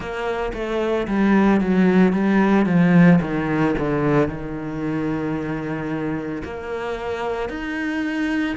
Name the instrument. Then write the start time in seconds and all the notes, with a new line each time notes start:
cello
0.00 A#3
0.53 A3
1.07 G3
1.61 F#3
2.12 G3
2.65 F3
3.21 D#3
3.78 D3
4.28 D#3
6.44 A#3
7.49 D#4